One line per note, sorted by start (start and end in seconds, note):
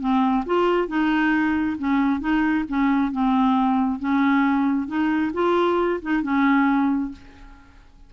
0.00 0.44 C4
0.46 0.88 F4
0.88 1.77 D#4
1.78 2.20 C#4
2.20 2.65 D#4
2.68 3.12 C#4
3.12 4.00 C4
4.00 4.87 C#4
4.87 5.32 D#4
5.34 6.00 F4
6.02 6.23 D#4
6.23 7.12 C#4